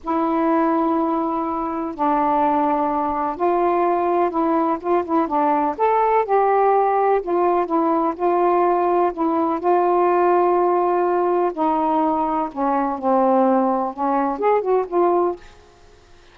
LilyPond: \new Staff \with { instrumentName = "saxophone" } { \time 4/4 \tempo 4 = 125 e'1 | d'2. f'4~ | f'4 e'4 f'8 e'8 d'4 | a'4 g'2 f'4 |
e'4 f'2 e'4 | f'1 | dis'2 cis'4 c'4~ | c'4 cis'4 gis'8 fis'8 f'4 | }